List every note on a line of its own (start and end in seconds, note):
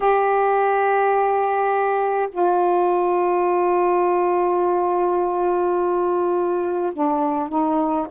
0.00 2.29 G4
2.31 6.93 F4
6.93 7.48 D4
7.48 8.06 D#4